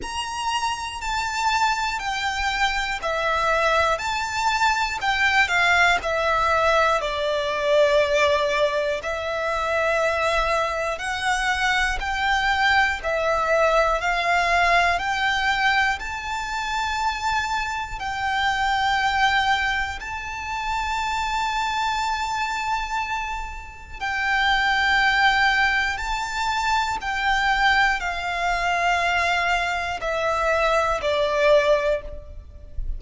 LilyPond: \new Staff \with { instrumentName = "violin" } { \time 4/4 \tempo 4 = 60 ais''4 a''4 g''4 e''4 | a''4 g''8 f''8 e''4 d''4~ | d''4 e''2 fis''4 | g''4 e''4 f''4 g''4 |
a''2 g''2 | a''1 | g''2 a''4 g''4 | f''2 e''4 d''4 | }